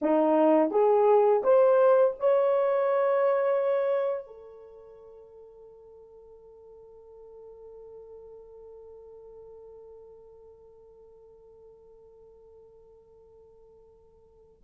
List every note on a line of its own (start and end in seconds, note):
0.01 0.70 D#4
0.70 1.42 G#4
1.43 2.14 C5
2.19 4.27 C#5
4.27 14.62 A4